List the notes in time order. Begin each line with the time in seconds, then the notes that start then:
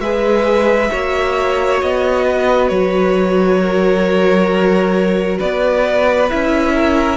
0.00 G#3 G#4 B4 E5
0.91 A#3 F#4 C#5
1.82 B3 D#5
2.27 B4
2.69 F#3 C#5
3.61 A#4
5.39 B3 B4 D5
6.29 C#4 E4 E5
6.75 A#4